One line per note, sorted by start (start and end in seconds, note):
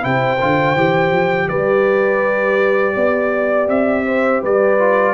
0.00 0.40 C3
0.00 0.37 E4
0.00 1.48 C5
0.00 1.48 G5
0.40 0.75 D3
0.40 0.76 F4
0.75 1.11 E3
0.75 4.79 G4
1.11 1.48 F3
1.48 2.95 G3
1.48 2.94 B4
1.48 3.68 D5
2.94 3.68 B3
2.94 4.04 D5
3.68 4.41 C4
3.68 4.42 E5
4.05 4.41 C5
4.41 5.13 G3
4.41 5.13 B4
4.41 5.13 D5
4.79 5.13 F4